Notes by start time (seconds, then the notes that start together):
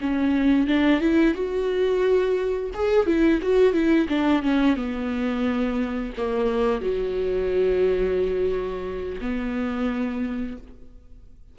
0.00 C#4
0.67 D4
1.00 E4
1.34 F#4
2.74 G#4
3.06 E4
3.42 F#4
3.73 E4
4.08 D4
4.42 C#4
4.76 B3
6.17 A#3
6.81 F#3
9.20 B3